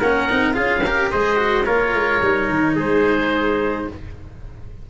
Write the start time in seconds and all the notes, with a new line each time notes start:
0.00 A#3 C#4 A#4 F#5
0.30 C4 D#4
0.54 C#4 F4 G#4 F5
0.85 G4 A#4
1.12 G#3 G#4 C5 D#5
1.37 F#4
1.66 A#3 F4 A#4 C#5
1.94 G#3
2.22 G3 D#4
2.50 D#3
2.76 G#3 G#4 C5